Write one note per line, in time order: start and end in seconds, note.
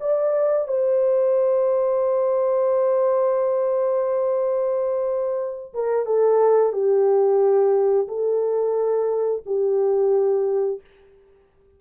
0.00 0.67 D5
0.68 5.73 C5
5.74 6.06 A#4
6.06 6.72 A4
6.72 8.07 G4
8.07 9.42 A4
9.46 10.80 G4